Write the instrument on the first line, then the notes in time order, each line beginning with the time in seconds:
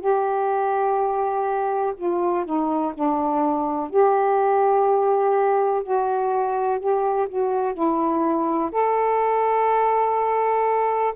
saxophone
0.00 G4
1.96 F4
2.45 D#4
2.94 D4
3.90 G4
5.83 F#4
6.79 G4
7.28 F#4
7.74 E4
8.72 A4